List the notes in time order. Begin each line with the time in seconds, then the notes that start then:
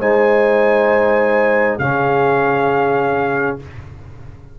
0.00 G#3 D#4 C5 G#5
1.79 C#3 C#4 G#4 F5